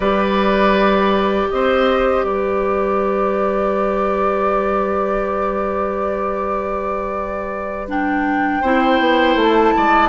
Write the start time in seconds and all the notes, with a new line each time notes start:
0.00 G3 G4 B4 D5
1.50 C4 C5 D#5
2.24 G3 B4 D5
7.88 D4 G5
8.61 C4 E4 C5
8.99 B3
9.35 A3 A5
9.76 G#3 D5